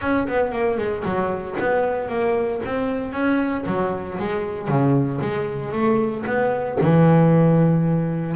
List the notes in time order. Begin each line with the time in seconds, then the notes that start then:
0.01 C#4
0.27 B3
0.52 A#3
0.77 G#3
1.04 F#3
1.59 B3
2.08 A#3
2.65 C4
3.12 C#4
3.65 F#3
4.19 G#3
4.68 C#3
5.21 G#3
5.71 A3
6.26 B3
6.80 E3